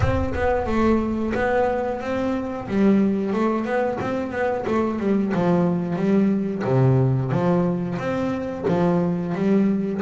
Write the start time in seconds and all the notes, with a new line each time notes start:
0.00 C4
0.34 B3
0.66 A3
1.34 B3
2.01 C4
2.68 G3
3.33 A3
3.65 B3
4.01 C4
4.31 B3
4.66 A3
4.99 G3
5.33 F3
5.95 G3
6.64 C3
7.31 F3
7.98 C4
8.68 F3
9.34 G3